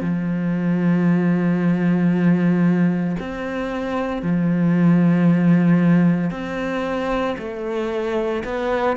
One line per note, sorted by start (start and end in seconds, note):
0.00 3.16 F3
3.19 4.22 C4
4.22 6.30 F3
6.30 7.35 C4
7.38 8.43 A3
8.44 8.96 B3